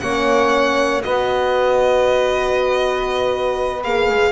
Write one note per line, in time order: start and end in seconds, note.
0.00 1.04 A#3
0.00 1.03 C#4
0.00 1.03 C#5
0.00 1.02 F#5
1.03 3.84 B3
1.03 3.83 F#4
1.03 4.32 B4
1.03 3.83 D#5
3.83 4.09 A#3
3.83 4.32 G#4
3.83 4.32 F5
4.09 4.32 G#3